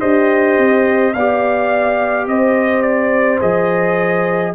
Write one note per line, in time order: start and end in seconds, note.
0.00 0.58 D4
0.00 1.14 G4
0.00 1.13 C5
0.00 1.13 D#5
0.58 1.14 C4
1.13 2.27 B3
1.13 3.40 G4
1.13 2.28 D5
1.13 2.27 F5
2.27 3.40 C4
2.27 4.54 C5
2.27 2.82 D#5
2.82 3.39 D5
3.40 4.54 F3
3.40 4.53 G#4
3.40 4.54 D#5